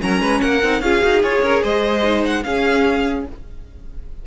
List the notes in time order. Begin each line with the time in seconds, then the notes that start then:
0.00 F#3 C#4 A#4 A#5
0.20 G#3 B4
0.41 A#3 A#4 F#5
0.63 C4 D#4
0.81 C#4 F4 G#4 F5
1.01 D#4 F#4
1.23 F4 G#4 C#5
1.42 C#4 A#4
1.62 G#3 C5 D#5
2.03 D#4
2.25 F#5
2.44 C#4 G#4 F5